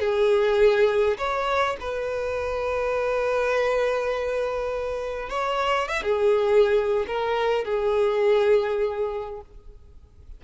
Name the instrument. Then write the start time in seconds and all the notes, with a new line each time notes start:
violin
0.00 G#4
1.18 C#5
1.80 B4
5.30 C#5
5.89 E5
6.03 G#4
7.07 A#4
7.65 G#4